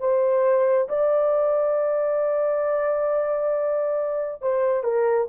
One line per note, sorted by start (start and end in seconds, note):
0.00 0.88 C5
0.89 4.42 D5
4.42 4.84 C5
4.84 5.28 A#4